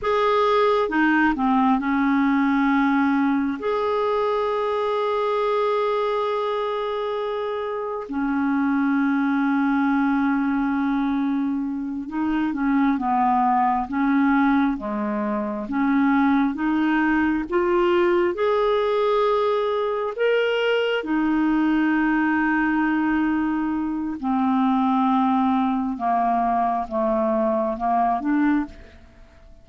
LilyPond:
\new Staff \with { instrumentName = "clarinet" } { \time 4/4 \tempo 4 = 67 gis'4 dis'8 c'8 cis'2 | gis'1~ | gis'4 cis'2.~ | cis'4. dis'8 cis'8 b4 cis'8~ |
cis'8 gis4 cis'4 dis'4 f'8~ | f'8 gis'2 ais'4 dis'8~ | dis'2. c'4~ | c'4 ais4 a4 ais8 d'8 | }